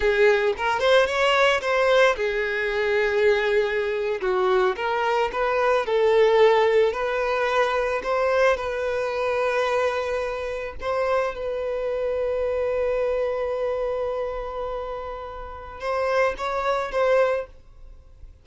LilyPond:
\new Staff \with { instrumentName = "violin" } { \time 4/4 \tempo 4 = 110 gis'4 ais'8 c''8 cis''4 c''4 | gis'2.~ gis'8. fis'16~ | fis'8. ais'4 b'4 a'4~ a'16~ | a'8. b'2 c''4 b'16~ |
b'2.~ b'8. c''16~ | c''8. b'2.~ b'16~ | b'1~ | b'4 c''4 cis''4 c''4 | }